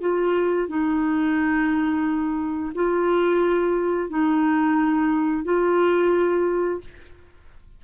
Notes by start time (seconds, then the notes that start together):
0.00 F4
0.68 D#4
2.74 F4
4.09 D#4
5.44 F4